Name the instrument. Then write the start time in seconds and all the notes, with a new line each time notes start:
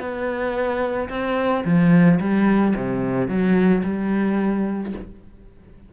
cello
0.00 B3
1.10 C4
1.65 F3
2.20 G3
2.76 C3
3.28 F#3
3.84 G3